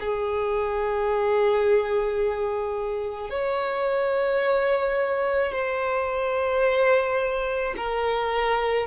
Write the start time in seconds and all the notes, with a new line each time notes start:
0.00 G#4
3.30 C#5
5.52 C5
7.77 A#4